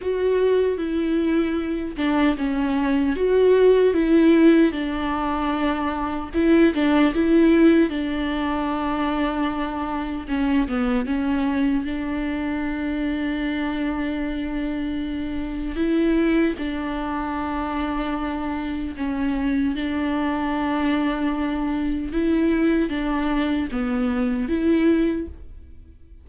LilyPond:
\new Staff \with { instrumentName = "viola" } { \time 4/4 \tempo 4 = 76 fis'4 e'4. d'8 cis'4 | fis'4 e'4 d'2 | e'8 d'8 e'4 d'2~ | d'4 cis'8 b8 cis'4 d'4~ |
d'1 | e'4 d'2. | cis'4 d'2. | e'4 d'4 b4 e'4 | }